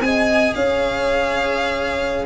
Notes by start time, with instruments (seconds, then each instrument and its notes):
0.00 tuba C4, cello G#4, horn D#5, violin G#5
0.54 tuba C#4, horn C#5, violin F5